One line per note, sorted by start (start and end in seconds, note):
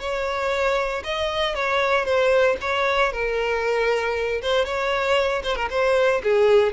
0.00 1.03 C#5
1.04 1.55 D#5
1.55 2.05 C#5
2.05 2.57 C5
2.61 3.12 C#5
3.12 4.42 A#4
4.42 4.66 C5
4.66 5.43 C#5
5.44 5.56 C5
5.56 5.69 A#4
5.70 6.22 C5
6.24 6.73 G#4